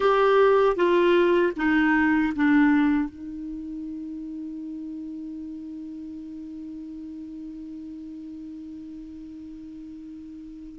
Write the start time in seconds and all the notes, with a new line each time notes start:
0.00 G4
0.76 F4
1.56 D#4
2.35 D4
3.09 D#4